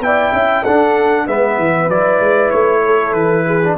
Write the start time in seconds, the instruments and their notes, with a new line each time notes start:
0.00 tuba B3, trombone E4, horn D5, trumpet G5
0.32 tuba C#4, horn E5
0.63 tuba D4, trombone D4, horn A4, trumpet F#5
1.26 tuba G#3, trombone B3, horn B4, trumpet E5
1.57 tuba E3
1.88 tuba F#3, trombone E4, trumpet D5
2.20 tuba G#3
2.50 tuba A3, trumpet C#5
2.85 horn A4
3.12 tuba E3, trumpet B4
3.46 horn G#4
3.63 trombone D4